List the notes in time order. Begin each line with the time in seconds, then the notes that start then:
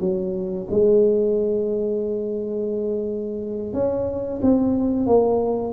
0.00 F#3
0.70 G#3
3.73 C#4
4.42 C4
5.07 A#3